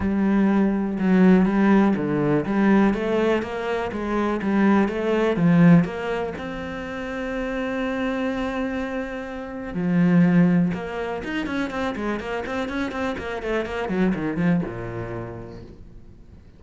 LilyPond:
\new Staff \with { instrumentName = "cello" } { \time 4/4 \tempo 4 = 123 g2 fis4 g4 | d4 g4 a4 ais4 | gis4 g4 a4 f4 | ais4 c'2.~ |
c'1 | f2 ais4 dis'8 cis'8 | c'8 gis8 ais8 c'8 cis'8 c'8 ais8 a8 | ais8 fis8 dis8 f8 ais,2 | }